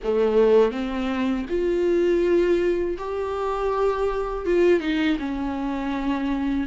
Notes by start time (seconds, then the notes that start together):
0.03 A3
0.71 C4
1.49 F4
2.98 G4
4.45 F4
4.80 D#4
5.19 C#4